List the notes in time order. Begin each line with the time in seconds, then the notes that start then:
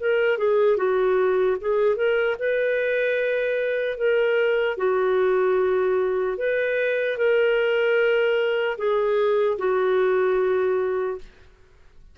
0.00 A#4
0.38 G#4
0.77 F#4
1.61 G#4
1.96 A#4
2.40 B4
3.98 A#4
4.78 F#4
6.38 B4
7.18 A#4
8.78 G#4
9.59 F#4